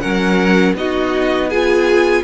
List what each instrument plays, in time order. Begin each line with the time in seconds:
0.00 cello F#3, viola C#4, violin A#4 F#5
0.73 cello B3, viola D#4, violin F#4 D#5
1.49 viola F4, violin G#4 G#5